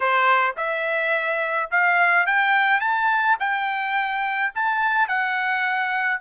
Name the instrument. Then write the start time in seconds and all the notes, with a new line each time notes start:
trumpet
0.00 C5
0.57 E5
1.70 F5
2.26 G5
2.80 A5
3.39 G5
4.54 A5
5.07 F#5